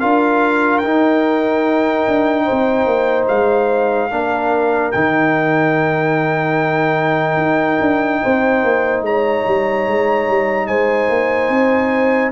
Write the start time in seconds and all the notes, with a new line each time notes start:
0.00 D4 F4 A#4 F5
0.78 D#4 G5
2.08 D4
2.45 C5
2.51 C4
2.86 A#3
3.28 G#3 F5
4.11 A#3 D4 A#4
4.92 D#3 D#4 G5
7.37 D#4
7.81 D4
8.23 C4 C5
8.64 A#3
9.02 G#3 C#5 A#5
9.47 G3
9.88 G#3
10.29 G3
10.67 G#3 C5 G#5
11.09 A#3
11.49 C4